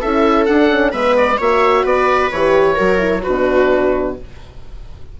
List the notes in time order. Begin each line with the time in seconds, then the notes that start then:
0.00 C#4 E4 A4 E5
0.45 D4 F#5
0.69 C#4
0.91 G#3 B3 B4 E5
1.16 D5
1.37 A#3 F#4 C#5 E5
1.83 B3 B4 D5
2.31 E3 G4 C#5
2.75 F#3 F#4 A#4
2.98 E4
3.22 B2 D4 F#4 B4